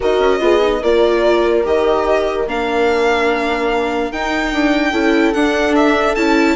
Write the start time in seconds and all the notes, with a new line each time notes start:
0.00 D#4 F#4 A#4 D#5
0.19 C#4
0.39 B3 F4 G#4
0.60 D#4
0.81 A#3 F4 A#4 D5
1.63 D#3 G4 D#5
2.47 A#3 D4 F5
4.12 D#4 G5
4.53 D4
4.91 C#4 E4 A4
5.33 D4 F#5
5.75 E5
6.15 C#4 E4 A5